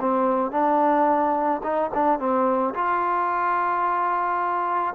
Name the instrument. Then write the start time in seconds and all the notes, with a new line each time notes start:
trombone
0.00 C4
0.51 D4
1.63 D#4
1.94 D4
2.19 C4
2.74 F4